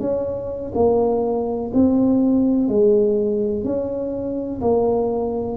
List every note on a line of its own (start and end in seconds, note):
0.00 0.73 C#4
0.75 1.72 A#3
1.74 2.68 C4
2.68 3.64 G#3
3.64 4.61 C#4
4.61 5.57 A#3